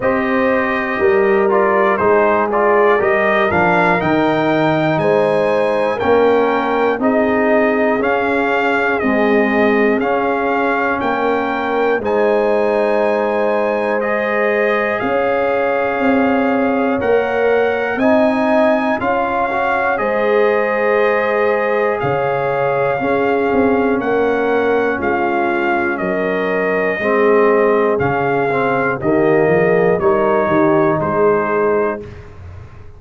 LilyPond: <<
  \new Staff \with { instrumentName = "trumpet" } { \time 4/4 \tempo 4 = 60 dis''4. d''8 c''8 d''8 dis''8 f''8 | g''4 gis''4 g''4 dis''4 | f''4 dis''4 f''4 g''4 | gis''2 dis''4 f''4~ |
f''4 fis''4 gis''4 f''4 | dis''2 f''2 | fis''4 f''4 dis''2 | f''4 dis''4 cis''4 c''4 | }
  \new Staff \with { instrumentName = "horn" } { \time 4/4 c''4 ais'4 gis'4 ais'4~ | ais'4 c''4 ais'4 gis'4~ | gis'2. ais'4 | c''2. cis''4~ |
cis''2 dis''4 cis''4 | c''2 cis''4 gis'4 | ais'4 f'4 ais'4 gis'4~ | gis'4 g'8 gis'8 ais'8 g'8 gis'4 | }
  \new Staff \with { instrumentName = "trombone" } { \time 4/4 g'4. f'8 dis'8 f'8 g'8 d'8 | dis'2 cis'4 dis'4 | cis'4 gis4 cis'2 | dis'2 gis'2~ |
gis'4 ais'4 dis'4 f'8 fis'8 | gis'2. cis'4~ | cis'2. c'4 | cis'8 c'8 ais4 dis'2 | }
  \new Staff \with { instrumentName = "tuba" } { \time 4/4 c'4 g4 gis4 g8 f8 | dis4 gis4 ais4 c'4 | cis'4 c'4 cis'4 ais4 | gis2. cis'4 |
c'4 ais4 c'4 cis'4 | gis2 cis4 cis'8 c'8 | ais4 gis4 fis4 gis4 | cis4 dis8 f8 g8 dis8 gis4 | }
>>